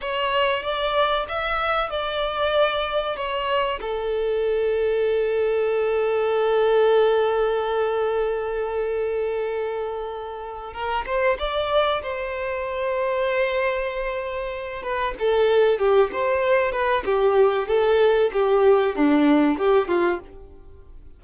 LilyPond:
\new Staff \with { instrumentName = "violin" } { \time 4/4 \tempo 4 = 95 cis''4 d''4 e''4 d''4~ | d''4 cis''4 a'2~ | a'1~ | a'1~ |
a'4 ais'8 c''8 d''4 c''4~ | c''2.~ c''8 b'8 | a'4 g'8 c''4 b'8 g'4 | a'4 g'4 d'4 g'8 f'8 | }